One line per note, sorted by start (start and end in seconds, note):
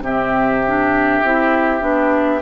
0.00 1.20 C3
0.00 0.65 C4
0.00 2.42 G4
0.00 2.42 E5
0.66 1.25 D4
1.23 1.81 C4
1.23 1.80 E4
1.80 2.42 B3
1.80 2.41 D4